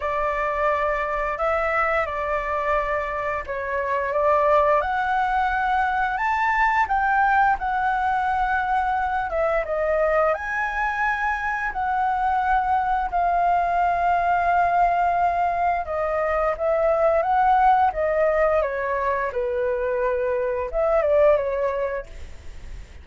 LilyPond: \new Staff \with { instrumentName = "flute" } { \time 4/4 \tempo 4 = 87 d''2 e''4 d''4~ | d''4 cis''4 d''4 fis''4~ | fis''4 a''4 g''4 fis''4~ | fis''4. e''8 dis''4 gis''4~ |
gis''4 fis''2 f''4~ | f''2. dis''4 | e''4 fis''4 dis''4 cis''4 | b'2 e''8 d''8 cis''4 | }